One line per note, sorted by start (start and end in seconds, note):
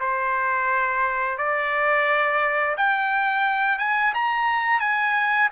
0.00 1.38 C5
1.38 2.76 D5
2.77 3.79 G5
3.79 4.13 G#5
4.14 4.80 A#5
4.80 5.49 G#5